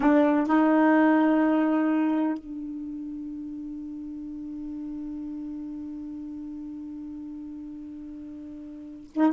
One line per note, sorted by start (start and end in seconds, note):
0.00 0.46 D4
0.46 2.38 D#4
2.38 9.10 D4
9.14 9.33 D#4